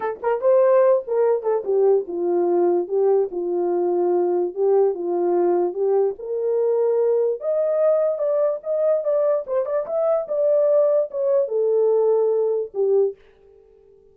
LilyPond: \new Staff \with { instrumentName = "horn" } { \time 4/4 \tempo 4 = 146 a'8 ais'8 c''4. ais'4 a'8 | g'4 f'2 g'4 | f'2. g'4 | f'2 g'4 ais'4~ |
ais'2 dis''2 | d''4 dis''4 d''4 c''8 d''8 | e''4 d''2 cis''4 | a'2. g'4 | }